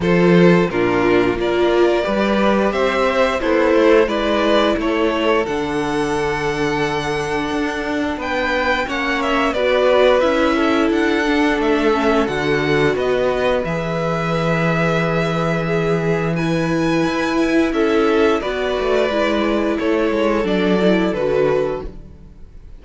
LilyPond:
<<
  \new Staff \with { instrumentName = "violin" } { \time 4/4 \tempo 4 = 88 c''4 ais'4 d''2 | e''4 c''4 d''4 cis''4 | fis''1 | g''4 fis''8 e''8 d''4 e''4 |
fis''4 e''4 fis''4 dis''4 | e''1 | gis''2 e''4 d''4~ | d''4 cis''4 d''4 b'4 | }
  \new Staff \with { instrumentName = "violin" } { \time 4/4 a'4 f'4 ais'4 b'4 | c''4 e'4 b'4 a'4~ | a'1 | b'4 cis''4 b'4. a'8~ |
a'2. b'4~ | b'2. gis'4 | b'2 a'4 b'4~ | b'4 a'2. | }
  \new Staff \with { instrumentName = "viola" } { \time 4/4 f'4 d'4 f'4 g'4~ | g'4 a'4 e'2 | d'1~ | d'4 cis'4 fis'4 e'4~ |
e'8 d'4 cis'8 fis'2 | gis'1 | e'2. fis'4 | e'2 d'8 e'8 fis'4 | }
  \new Staff \with { instrumentName = "cello" } { \time 4/4 f4 ais,4 ais4 g4 | c'4 b8 a8 gis4 a4 | d2. d'4 | b4 ais4 b4 cis'4 |
d'4 a4 d4 b4 | e1~ | e4 e'4 cis'4 b8 a8 | gis4 a8 gis8 fis4 d4 | }
>>